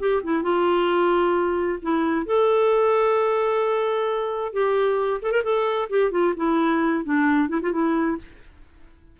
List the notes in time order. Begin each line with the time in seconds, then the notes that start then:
0.00 G4
0.24 E4
0.43 F4
1.82 E4
2.26 A4
4.53 G4
5.23 A4
5.32 A#4
5.44 A4
5.90 G4
6.12 F4
6.37 E4
7.05 D4
7.49 E4
7.62 F4
7.73 E4